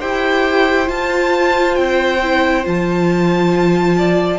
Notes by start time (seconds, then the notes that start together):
0.00 E4 G4 C5 G5
0.86 F4 A5
1.76 C4 G5
2.23 E4
2.65 F3 F4 A5
3.98 D5